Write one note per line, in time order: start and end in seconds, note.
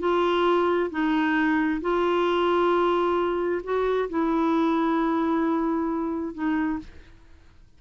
0.00 0.90 F4
0.91 1.81 D#4
1.82 3.62 F4
3.64 4.09 F#4
4.10 6.34 E4
6.34 6.79 D#4